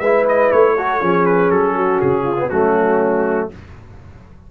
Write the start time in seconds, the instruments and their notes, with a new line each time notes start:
0.00 tuba G#3, trombone E4, horn B4, trumpet E5
0.29 trumpet D#5
0.52 tuba A3, trumpet C#5
0.76 trombone F#4, horn A4
1.01 tuba F3, trombone C#4, horn G#4
1.26 trumpet B4
1.51 tuba F#3, trumpet A4
1.75 horn F#4
2.01 tuba C#3, trumpet G#4
2.24 horn F4
2.38 trombone B3
2.50 tuba F#3, trombone A3, horn C#4, trumpet F#4